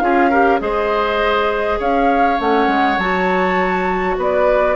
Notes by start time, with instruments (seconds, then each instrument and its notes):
0.00 bassoon C#4, clarinet F4, oboe G#4, flute F5
0.30 clarinet G4, oboe A#4
0.60 bassoon G#3, clarinet G#4, oboe C5, flute D#5
1.79 bassoon C#4, oboe C#5, flute F5
2.39 bassoon A3, clarinet C#4, flute F#5
2.68 bassoon G#3
2.98 bassoon F#3, clarinet F#4, flute A5
4.18 bassoon B3, oboe B4, flute D5